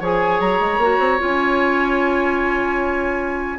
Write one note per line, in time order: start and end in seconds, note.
0.00 0.40 F3
0.00 0.82 G#4
0.00 3.59 C#5
0.00 0.40 G#5
0.40 0.60 F#3
0.40 1.20 A#5
0.60 0.78 G#3
0.78 0.98 A#3
0.78 1.19 F#4
0.99 1.19 C4
1.19 3.59 C#4
1.19 3.59 F4
1.19 3.59 G#5